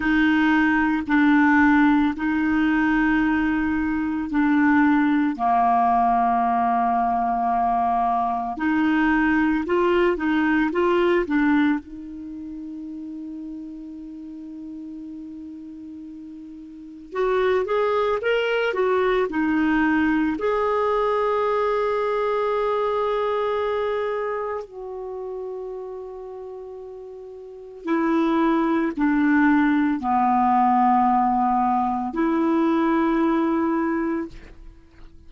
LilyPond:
\new Staff \with { instrumentName = "clarinet" } { \time 4/4 \tempo 4 = 56 dis'4 d'4 dis'2 | d'4 ais2. | dis'4 f'8 dis'8 f'8 d'8 dis'4~ | dis'1 |
fis'8 gis'8 ais'8 fis'8 dis'4 gis'4~ | gis'2. fis'4~ | fis'2 e'4 d'4 | b2 e'2 | }